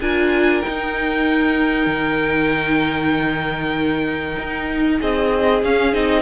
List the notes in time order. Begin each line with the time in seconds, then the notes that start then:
0.00 D4 F4 A#4 G#5
0.61 D#4 G5
0.67 D#4
1.86 D#3
4.38 D#4
4.99 C4 G#4 D#5
5.62 C#4 F5
5.93 C4 D#4 D#5